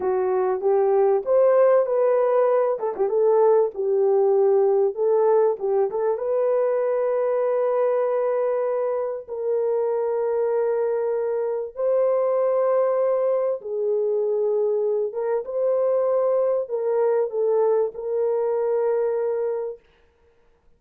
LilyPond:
\new Staff \with { instrumentName = "horn" } { \time 4/4 \tempo 4 = 97 fis'4 g'4 c''4 b'4~ | b'8 a'16 g'16 a'4 g'2 | a'4 g'8 a'8 b'2~ | b'2. ais'4~ |
ais'2. c''4~ | c''2 gis'2~ | gis'8 ais'8 c''2 ais'4 | a'4 ais'2. | }